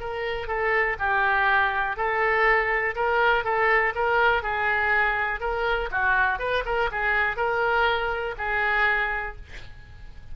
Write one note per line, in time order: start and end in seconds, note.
0.00 0.48 A#4
0.48 0.97 A4
0.99 1.97 G4
1.97 2.96 A4
2.96 3.44 A#4
3.44 3.94 A4
3.95 4.43 A#4
4.43 5.41 G#4
5.41 5.90 A#4
5.91 6.39 F#4
6.39 6.64 B4
6.66 6.90 A#4
6.92 7.37 G#4
7.37 8.35 A#4
8.38 9.36 G#4